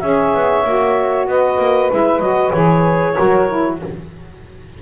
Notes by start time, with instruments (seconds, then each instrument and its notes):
0.00 double bass C#4, saxophone G#4 C#5, clarinet E5
0.34 double bass B3
0.64 double bass A#3, saxophone F#4
1.26 double bass B3, saxophone B4, clarinet D#5
1.58 double bass A#3
1.90 double bass G#3, saxophone E4, clarinet E5
2.19 double bass F#3, saxophone F#4, clarinet D#5
2.51 double bass E3, saxophone G#4, clarinet C#5
3.13 saxophone F#4 A#4
3.19 double bass F#3
3.48 saxophone E4